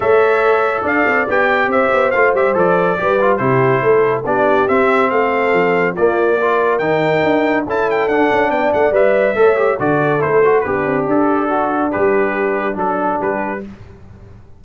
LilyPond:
<<
  \new Staff \with { instrumentName = "trumpet" } { \time 4/4 \tempo 4 = 141 e''2 f''4 g''4 | e''4 f''8 e''8 d''2 | c''2 d''4 e''4 | f''2 d''2 |
g''2 a''8 g''8 fis''4 | g''8 fis''8 e''2 d''4 | c''4 b'4 a'2 | b'2 a'4 b'4 | }
  \new Staff \with { instrumentName = "horn" } { \time 4/4 cis''2 d''2 | c''2. b'4 | g'4 a'4 g'2 | a'2 f'4 ais'4~ |
ais'2 a'2 | d''2 cis''4 a'4~ | a'4 d'2.~ | d'2. g'4 | }
  \new Staff \with { instrumentName = "trombone" } { \time 4/4 a'2. g'4~ | g'4 f'8 g'8 a'4 g'8 f'8 | e'2 d'4 c'4~ | c'2 ais4 f'4 |
dis'2 e'4 d'4~ | d'4 b'4 a'8 g'8 fis'4 | e'8 fis'8 g'2 fis'4 | g'2 d'2 | }
  \new Staff \with { instrumentName = "tuba" } { \time 4/4 a2 d'8 c'8 b4 | c'8 b8 a8 g8 f4 g4 | c4 a4 b4 c'4 | a4 f4 ais2 |
dis4 d'4 cis'4 d'8 cis'8 | b8 a8 g4 a4 d4 | a4 b8 c'8 d'2 | g2 fis4 g4 | }
>>